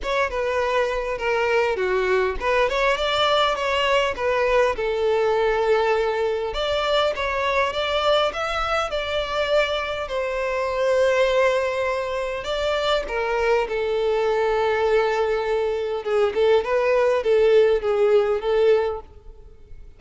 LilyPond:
\new Staff \with { instrumentName = "violin" } { \time 4/4 \tempo 4 = 101 cis''8 b'4. ais'4 fis'4 | b'8 cis''8 d''4 cis''4 b'4 | a'2. d''4 | cis''4 d''4 e''4 d''4~ |
d''4 c''2.~ | c''4 d''4 ais'4 a'4~ | a'2. gis'8 a'8 | b'4 a'4 gis'4 a'4 | }